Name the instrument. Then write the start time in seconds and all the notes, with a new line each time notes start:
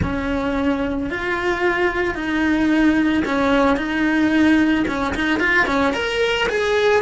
cello
0.02 C#4
1.10 F4
2.14 D#4
3.25 C#4
3.76 D#4
4.87 C#4
5.14 D#4
5.39 F4
5.66 C#4
5.93 A#4
6.49 G#4